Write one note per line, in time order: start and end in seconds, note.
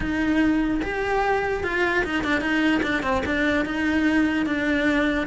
0.00 0.80 D#4
0.82 1.63 G4
1.63 2.04 F4
2.04 2.24 D#4
2.24 2.40 D4
2.40 2.81 D#4
2.82 3.02 D4
3.02 3.22 C4
3.25 3.65 D4
3.65 4.46 D#4
4.46 5.26 D4